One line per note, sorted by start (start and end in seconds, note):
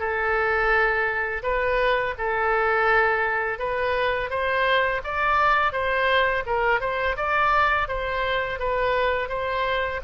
0.00 1.43 A4
1.43 2.15 B4
2.19 3.59 A4
3.59 4.31 B4
4.31 5.02 C5
5.04 5.73 D5
5.73 6.44 C5
6.46 6.81 A#4
6.81 7.17 C5
7.17 7.88 D5
7.88 8.60 C5
8.60 9.29 B4
9.29 10.01 C5